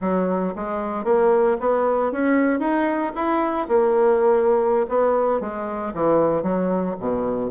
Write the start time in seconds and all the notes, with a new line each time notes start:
0.01 F#3
0.55 G#3
1.04 A#3
1.60 B3
2.12 C#4
2.59 D#4
3.15 E4
3.67 A#3
4.88 B3
5.40 G#3
5.94 E3
6.42 F#3
6.99 B2